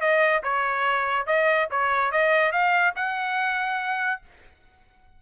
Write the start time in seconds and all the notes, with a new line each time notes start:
0.00 D#5
0.43 C#5
1.26 D#5
1.70 C#5
2.12 D#5
2.52 F5
2.95 F#5